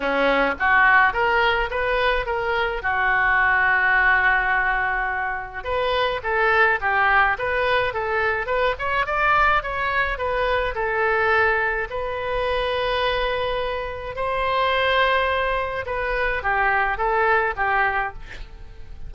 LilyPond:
\new Staff \with { instrumentName = "oboe" } { \time 4/4 \tempo 4 = 106 cis'4 fis'4 ais'4 b'4 | ais'4 fis'2.~ | fis'2 b'4 a'4 | g'4 b'4 a'4 b'8 cis''8 |
d''4 cis''4 b'4 a'4~ | a'4 b'2.~ | b'4 c''2. | b'4 g'4 a'4 g'4 | }